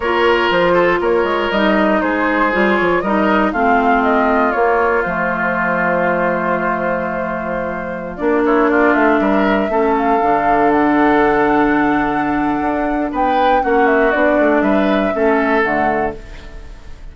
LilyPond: <<
  \new Staff \with { instrumentName = "flute" } { \time 4/4 \tempo 4 = 119 cis''4 c''4 cis''4 dis''4 | c''4. cis''8 dis''4 f''4 | dis''4 cis''4 c''2~ | c''1~ |
c''16 d''8 cis''8 d''8 e''2 f''16~ | f''4~ f''16 fis''2~ fis''8.~ | fis''2 g''4 fis''8 e''8 | d''4 e''2 fis''4 | }
  \new Staff \with { instrumentName = "oboe" } { \time 4/4 ais'4. a'8 ais'2 | gis'2 ais'4 f'4~ | f'1~ | f'1~ |
f'8. e'8 f'4 ais'4 a'8.~ | a'1~ | a'2 b'4 fis'4~ | fis'4 b'4 a'2 | }
  \new Staff \with { instrumentName = "clarinet" } { \time 4/4 f'2. dis'4~ | dis'4 f'4 dis'4 c'4~ | c'4 ais4 a2~ | a1~ |
a16 d'2. cis'8.~ | cis'16 d'2.~ d'8.~ | d'2. cis'4 | d'2 cis'4 a4 | }
  \new Staff \with { instrumentName = "bassoon" } { \time 4/4 ais4 f4 ais8 gis8 g4 | gis4 g8 f8 g4 a4~ | a4 ais4 f2~ | f1~ |
f16 ais4. a8 g4 a8.~ | a16 d2.~ d8.~ | d4 d'4 b4 ais4 | b8 a8 g4 a4 d4 | }
>>